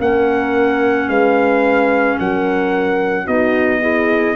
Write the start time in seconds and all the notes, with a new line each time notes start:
0.00 A#3 C#4 A#4 F#5
1.08 G#3 B4 F5
2.19 F#3 A#4 F#5
3.25 B3 D#4 F#4 D#5
3.81 E4 G#4